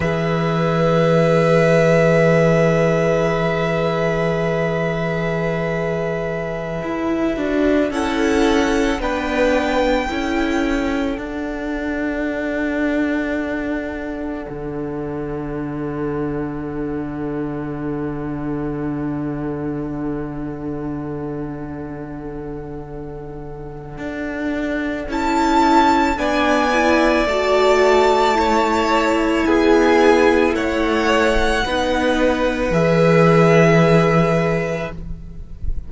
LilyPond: <<
  \new Staff \with { instrumentName = "violin" } { \time 4/4 \tempo 4 = 55 e''1~ | e''2.~ e''16 fis''8.~ | fis''16 g''2 fis''4.~ fis''16~ | fis''1~ |
fis''1~ | fis''2. a''4 | gis''4 a''2 gis''4 | fis''2 e''2 | }
  \new Staff \with { instrumentName = "violin" } { \time 4/4 b'1~ | b'2.~ b'16 a'8.~ | a'16 b'4 a'2~ a'8.~ | a'1~ |
a'1~ | a'1 | d''2 cis''4 gis'4 | cis''4 b'2. | }
  \new Staff \with { instrumentName = "viola" } { \time 4/4 gis'1~ | gis'2~ gis'8. fis'8 e'8.~ | e'16 d'4 e'4 d'4.~ d'16~ | d'1~ |
d'1~ | d'2. e'4 | d'8 e'8 fis'4 e'2~ | e'4 dis'4 gis'2 | }
  \new Staff \with { instrumentName = "cello" } { \time 4/4 e1~ | e2~ e16 e'8 d'8 cis'8.~ | cis'16 b4 cis'4 d'4.~ d'16~ | d'4~ d'16 d2~ d8.~ |
d1~ | d2 d'4 cis'4 | b4 a2 b4 | a4 b4 e2 | }
>>